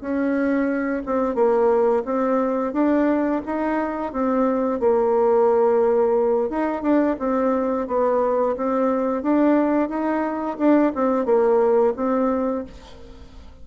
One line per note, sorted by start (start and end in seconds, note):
0.00 1.02 C#4
1.06 1.35 C4
1.35 2.03 A#3
2.05 2.73 C4
2.73 3.41 D4
3.46 4.12 D#4
4.12 4.80 C4
4.80 6.49 A#3
6.49 6.82 D#4
6.82 7.16 D4
7.19 7.87 C4
7.87 8.55 B3
8.56 9.22 C4
9.22 9.89 D4
9.89 10.57 D#4
10.58 10.92 D4
10.95 11.25 C4
11.25 11.93 A#3
11.96 12.64 C4